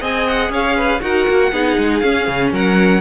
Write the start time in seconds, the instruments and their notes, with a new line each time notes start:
0.00 cello C4, viola G#4, violin D#5 G#5
0.27 violin F#5
0.50 cello C#4, violin C#5 F5
0.77 violin B4
1.01 cello D#4, viola F#4, violin A#4 F#5
1.29 cello A#3
1.52 cello B3, viola D#4, violin G#4
1.78 cello G#3
1.99 viola C#4, cello C#4, violin F5
2.28 cello C#3
2.52 cello F#3, violin A#4 F#5